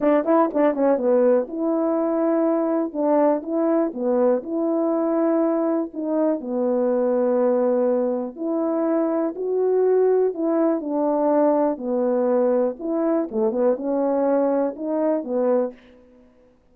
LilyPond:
\new Staff \with { instrumentName = "horn" } { \time 4/4 \tempo 4 = 122 d'8 e'8 d'8 cis'8 b4 e'4~ | e'2 d'4 e'4 | b4 e'2. | dis'4 b2.~ |
b4 e'2 fis'4~ | fis'4 e'4 d'2 | b2 e'4 a8 b8 | cis'2 dis'4 b4 | }